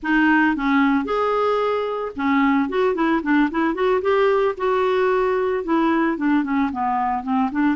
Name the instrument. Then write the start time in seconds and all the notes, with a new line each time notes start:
clarinet
0.02 D#4
0.56 C#4
1.04 G#4
2.16 C#4
2.69 F#4
2.94 E4
3.22 D4
3.50 E4
3.74 F#4
4.01 G4
4.57 F#4
5.64 E4
6.17 D4
6.43 C#4
6.72 B3
7.23 C4
7.51 D4